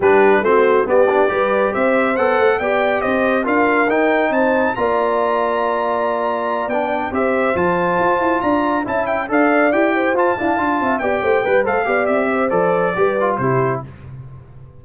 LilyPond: <<
  \new Staff \with { instrumentName = "trumpet" } { \time 4/4 \tempo 4 = 139 b'4 c''4 d''2 | e''4 fis''4 g''4 dis''4 | f''4 g''4 a''4 ais''4~ | ais''2.~ ais''8 g''8~ |
g''8 e''4 a''2 ais''8~ | ais''8 a''8 g''8 f''4 g''4 a''8~ | a''4. g''4. f''4 | e''4 d''2 c''4 | }
  \new Staff \with { instrumentName = "horn" } { \time 4/4 g'4 fis'4 g'4 b'4 | c''2 d''4 c''4 | ais'2 c''4 d''4~ | d''1~ |
d''8 c''2. d''8~ | d''8 e''4 d''4. c''4 | f''4 e''8 d''8 c''8 b'8 c''8 d''8~ | d''8 c''4. b'4 g'4 | }
  \new Staff \with { instrumentName = "trombone" } { \time 4/4 d'4 c'4 b8 d'8 g'4~ | g'4 a'4 g'2 | f'4 dis'2 f'4~ | f'2.~ f'8 d'8~ |
d'8 g'4 f'2~ f'8~ | f'8 e'4 a'4 g'4 f'8 | d'8 f'4 g'4 b'8 a'8 g'8~ | g'4 a'4 g'8 f'8 e'4 | }
  \new Staff \with { instrumentName = "tuba" } { \time 4/4 g4 a4 b4 g4 | c'4 b8 a8 b4 c'4 | d'4 dis'4 c'4 ais4~ | ais2.~ ais8 b8~ |
b8 c'4 f4 f'8 e'8 d'8~ | d'8 cis'4 d'4 e'4 f'8 | e'8 d'8 c'8 b8 a8 g8 a8 b8 | c'4 f4 g4 c4 | }
>>